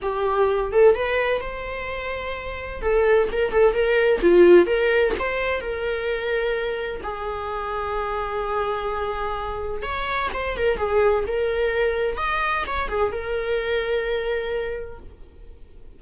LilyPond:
\new Staff \with { instrumentName = "viola" } { \time 4/4 \tempo 4 = 128 g'4. a'8 b'4 c''4~ | c''2 a'4 ais'8 a'8 | ais'4 f'4 ais'4 c''4 | ais'2. gis'4~ |
gis'1~ | gis'4 cis''4 c''8 ais'8 gis'4 | ais'2 dis''4 cis''8 gis'8 | ais'1 | }